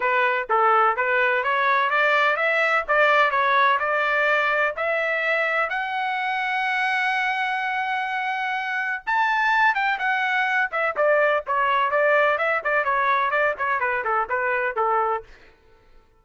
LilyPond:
\new Staff \with { instrumentName = "trumpet" } { \time 4/4 \tempo 4 = 126 b'4 a'4 b'4 cis''4 | d''4 e''4 d''4 cis''4 | d''2 e''2 | fis''1~ |
fis''2. a''4~ | a''8 g''8 fis''4. e''8 d''4 | cis''4 d''4 e''8 d''8 cis''4 | d''8 cis''8 b'8 a'8 b'4 a'4 | }